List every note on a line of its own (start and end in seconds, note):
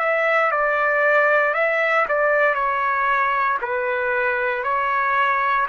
0.00 0.52 E5
0.52 1.55 D5
1.55 2.06 E5
2.09 2.55 D5
2.55 3.58 C#5
3.62 4.64 B4
4.64 5.68 C#5